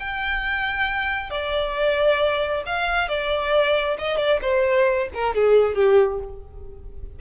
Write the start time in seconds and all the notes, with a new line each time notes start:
0.00 G5
1.31 D5
2.66 F5
3.09 D5
3.99 D#5
4.18 D5
4.42 C5
5.15 A#4
5.35 G#4
5.75 G4